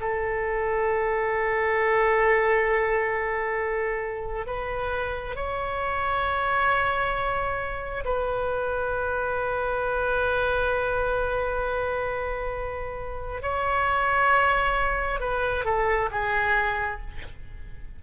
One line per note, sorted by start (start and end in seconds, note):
0.00 4.46 A4
4.46 5.35 B4
5.35 8.04 C#5
8.05 13.42 B4
13.42 15.20 C#5
15.20 15.65 B4
15.65 16.09 A4
16.11 17.00 G#4